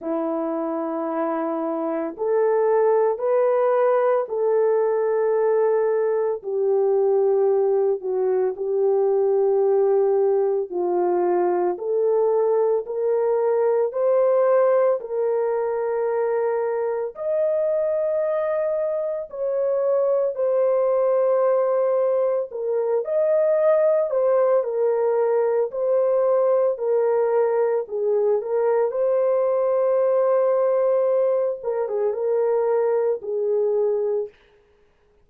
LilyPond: \new Staff \with { instrumentName = "horn" } { \time 4/4 \tempo 4 = 56 e'2 a'4 b'4 | a'2 g'4. fis'8 | g'2 f'4 a'4 | ais'4 c''4 ais'2 |
dis''2 cis''4 c''4~ | c''4 ais'8 dis''4 c''8 ais'4 | c''4 ais'4 gis'8 ais'8 c''4~ | c''4. ais'16 gis'16 ais'4 gis'4 | }